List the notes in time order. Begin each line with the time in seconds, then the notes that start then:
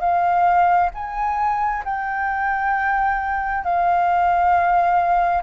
0.00 F5
0.94 G#5
1.84 G5
3.64 F5